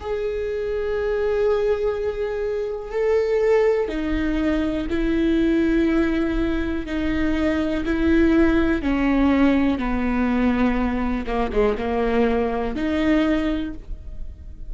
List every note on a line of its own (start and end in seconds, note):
0.00 2.92 G#4
2.92 3.89 A4
3.89 4.87 D#4
4.90 6.86 E4
6.86 7.84 D#4
7.85 8.82 E4
8.82 9.78 C#4
9.78 11.26 B3
11.26 11.51 A#3
11.52 11.77 G#3
11.78 12.76 A#3
12.76 13.74 D#4